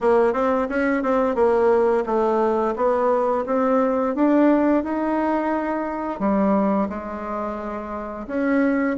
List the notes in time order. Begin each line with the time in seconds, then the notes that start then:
0.00 A#3
0.33 C4
0.69 C#4
1.03 C4
1.34 A#3
2.05 A3
2.76 B3
3.46 C4
4.15 D4
4.83 D#4
6.19 G3
6.89 G#3
8.27 C#4